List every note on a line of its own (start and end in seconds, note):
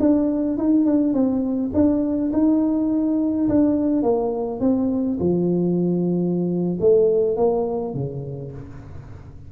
0.00 0.57 D4
0.57 0.85 D#4
0.85 1.14 D4
1.14 1.71 C4
1.74 2.32 D4
2.33 3.48 D#4
3.49 4.03 D4
4.03 4.60 A#3
4.60 5.18 C4
5.20 6.79 F3
6.80 7.37 A3
7.37 7.94 A#3
7.94 8.52 C#3